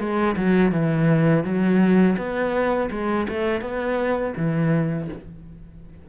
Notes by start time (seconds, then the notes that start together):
0.00 G#3
0.37 F#3
0.72 E3
1.45 F#3
2.18 B3
2.91 G#3
3.29 A3
3.61 B3
4.37 E3